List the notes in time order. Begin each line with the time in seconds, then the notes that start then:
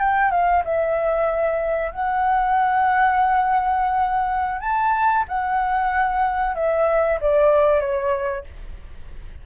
0.00 G5
0.31 F5
0.65 E5
1.92 F#5
4.61 A5
5.29 F#5
6.55 E5
7.21 D5
7.81 C#5